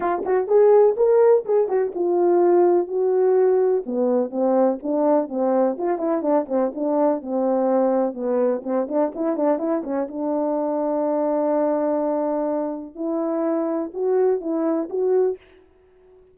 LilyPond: \new Staff \with { instrumentName = "horn" } { \time 4/4 \tempo 4 = 125 f'8 fis'8 gis'4 ais'4 gis'8 fis'8 | f'2 fis'2 | b4 c'4 d'4 c'4 | f'8 e'8 d'8 c'8 d'4 c'4~ |
c'4 b4 c'8 d'8 e'8 d'8 | e'8 cis'8 d'2.~ | d'2. e'4~ | e'4 fis'4 e'4 fis'4 | }